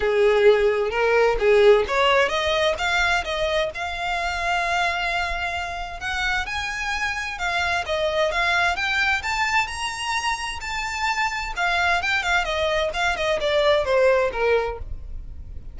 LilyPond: \new Staff \with { instrumentName = "violin" } { \time 4/4 \tempo 4 = 130 gis'2 ais'4 gis'4 | cis''4 dis''4 f''4 dis''4 | f''1~ | f''4 fis''4 gis''2 |
f''4 dis''4 f''4 g''4 | a''4 ais''2 a''4~ | a''4 f''4 g''8 f''8 dis''4 | f''8 dis''8 d''4 c''4 ais'4 | }